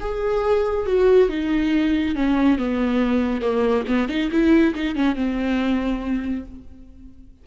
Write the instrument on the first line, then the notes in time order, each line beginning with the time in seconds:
viola
0.00 G#4
0.86 F#4
1.29 D#4
2.15 C#4
2.58 B3
3.41 A#3
3.87 B3
4.08 D#4
4.31 E4
4.74 D#4
4.95 C#4
5.15 C4